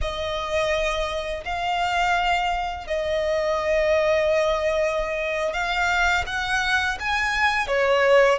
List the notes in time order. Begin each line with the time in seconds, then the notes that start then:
0.01 D#5
1.44 F5
2.87 D#5
5.53 F5
6.26 F#5
6.99 G#5
7.67 C#5